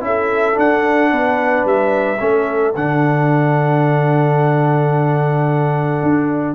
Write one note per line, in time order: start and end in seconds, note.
0.00 0.56 C#4
0.00 0.54 E4
0.00 0.59 E5
0.06 1.11 A4
0.54 2.17 D4
0.54 1.12 D4
0.54 1.66 F#5
1.11 1.65 B3
1.11 2.20 B4
1.65 2.19 G3
1.65 2.75 E5
2.19 2.75 A3
2.19 2.74 C#4
2.19 6.55 A4
2.75 6.02 D3
2.75 6.55 D4
2.75 6.55 F#5
6.03 6.55 D4